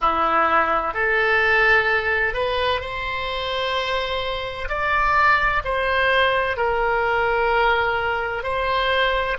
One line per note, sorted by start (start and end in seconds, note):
0.01 0.94 E4
0.94 2.34 A4
2.34 2.80 B4
2.80 4.68 C5
4.68 5.62 D5
5.64 6.56 C5
6.56 8.43 A#4
8.43 9.37 C5